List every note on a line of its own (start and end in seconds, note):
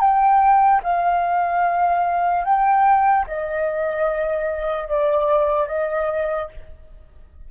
0.00 0.81 G5
0.83 2.44 F5
2.44 3.25 G5
3.27 4.88 D#5
4.88 5.68 D5
5.68 6.49 D#5